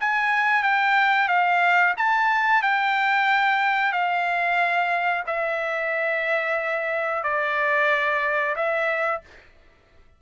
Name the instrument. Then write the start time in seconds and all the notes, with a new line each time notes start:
trumpet
0.00 G#5
0.63 G5
1.28 F5
1.97 A5
2.62 G5
3.92 F5
5.26 E5
7.23 D5
8.55 E5